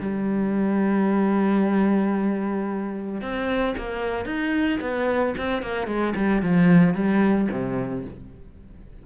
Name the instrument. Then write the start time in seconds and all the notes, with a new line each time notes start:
cello
0.00 G3
3.21 C4
3.77 A#3
4.25 D#4
4.81 B3
5.37 C4
5.62 A#3
5.87 G#3
6.16 G3
6.42 F3
6.94 G3
7.51 C3